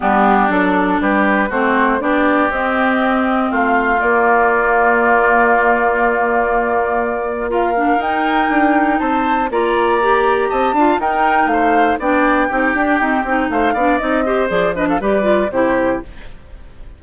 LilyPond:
<<
  \new Staff \with { instrumentName = "flute" } { \time 4/4 \tempo 4 = 120 g'4 a'4 b'4 c''4 | d''4 dis''2 f''4 | d''1~ | d''2. f''4 |
g''2 a''4 ais''4~ | ais''4 a''4 g''4 f''4 | g''2. f''4 | dis''4 d''8 dis''16 f''16 d''4 c''4 | }
  \new Staff \with { instrumentName = "oboe" } { \time 4/4 d'2 g'4 fis'4 | g'2. f'4~ | f'1~ | f'2. ais'4~ |
ais'2 c''4 d''4~ | d''4 dis''8 f''8 ais'4 c''4 | d''4 g'2 c''8 d''8~ | d''8 c''4 b'16 a'16 b'4 g'4 | }
  \new Staff \with { instrumentName = "clarinet" } { \time 4/4 b4 d'2 c'4 | d'4 c'2. | ais1~ | ais2. f'8 d'8 |
dis'2. f'4 | g'4. f'8 dis'2 | d'4 dis'8 d'8 c'8 dis'4 d'8 | dis'8 g'8 gis'8 d'8 g'8 f'8 e'4 | }
  \new Staff \with { instrumentName = "bassoon" } { \time 4/4 g4 fis4 g4 a4 | b4 c'2 a4 | ais1~ | ais1 |
dis'4 d'4 c'4 ais4~ | ais4 c'8 d'8 dis'4 a4 | b4 c'8 d'8 dis'8 c'8 a8 b8 | c'4 f4 g4 c4 | }
>>